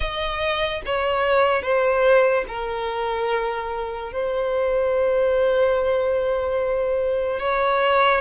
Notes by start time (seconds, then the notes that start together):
0.00 D#5
0.85 C#5
1.62 C5
2.47 A#4
4.12 C5
7.39 C#5